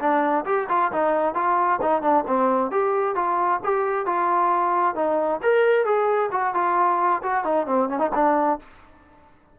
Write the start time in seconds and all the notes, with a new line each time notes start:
0.00 D4
0.45 G4
0.69 F4
0.92 D#4
1.35 F4
1.82 D#4
2.02 D4
2.27 C4
2.71 G4
3.16 F4
3.64 G4
4.06 F4
4.95 D#4
5.42 A#4
5.85 G#4
6.32 F#4
6.54 F4
7.23 F#4
7.45 D#4
7.67 C4
7.89 C#4
7.99 D#4
8.14 D4